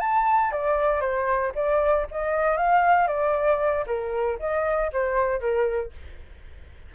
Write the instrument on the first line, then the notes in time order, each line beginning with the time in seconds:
flute
0.00 A5
0.52 D5
1.01 C5
1.55 D5
2.11 D#5
2.57 F5
3.08 D5
3.87 A#4
4.39 D#5
4.92 C5
5.40 A#4